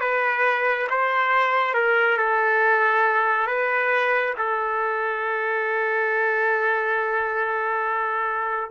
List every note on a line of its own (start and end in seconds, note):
0.00 0.87 B4
0.89 1.74 C5
1.74 2.17 A#4
2.17 3.46 A4
3.46 4.33 B4
4.37 8.70 A4